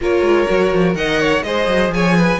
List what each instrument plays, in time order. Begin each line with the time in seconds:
0.01 cello A#3, viola F4, violin A#4 C#5
0.21 cello G#3
0.46 cello F#3, viola F#4
0.72 cello F3
0.94 cello D#3, viola A#4, violin D#5 F#5
1.20 violin C#5
1.42 cello G#3, viola G#4, violin C5 D#5
1.66 cello F#3
1.89 cello F3, violin C#5 G#5
2.16 violin B4